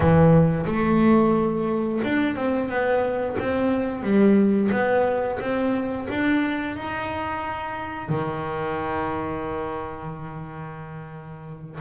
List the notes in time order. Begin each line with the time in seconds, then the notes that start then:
0.00 E3
0.66 A3
2.04 D4
2.35 C4
2.68 B3
3.39 C4
4.03 G3
4.71 B3
5.40 C4
6.09 D4
6.76 D#4
8.08 D#3